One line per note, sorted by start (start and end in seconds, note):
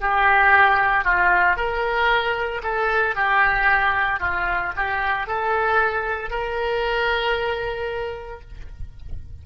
0.00 1.04 G4
1.04 1.56 F4
1.56 2.61 A#4
2.63 3.15 A4
3.15 4.20 G4
4.20 4.72 F4
4.76 5.27 G4
5.27 6.30 A4
6.30 8.41 A#4